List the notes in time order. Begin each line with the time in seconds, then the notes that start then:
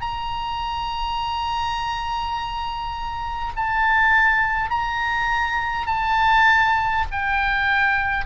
0.00 A#5
3.56 A5
4.70 A#5
5.87 A5
7.11 G5